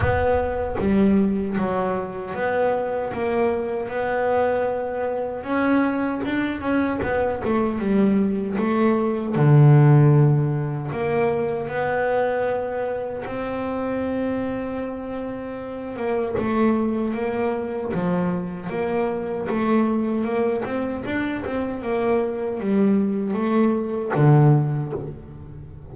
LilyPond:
\new Staff \with { instrumentName = "double bass" } { \time 4/4 \tempo 4 = 77 b4 g4 fis4 b4 | ais4 b2 cis'4 | d'8 cis'8 b8 a8 g4 a4 | d2 ais4 b4~ |
b4 c'2.~ | c'8 ais8 a4 ais4 f4 | ais4 a4 ais8 c'8 d'8 c'8 | ais4 g4 a4 d4 | }